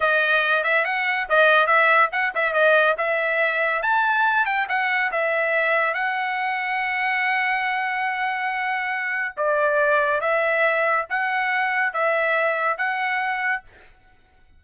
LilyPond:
\new Staff \with { instrumentName = "trumpet" } { \time 4/4 \tempo 4 = 141 dis''4. e''8 fis''4 dis''4 | e''4 fis''8 e''8 dis''4 e''4~ | e''4 a''4. g''8 fis''4 | e''2 fis''2~ |
fis''1~ | fis''2 d''2 | e''2 fis''2 | e''2 fis''2 | }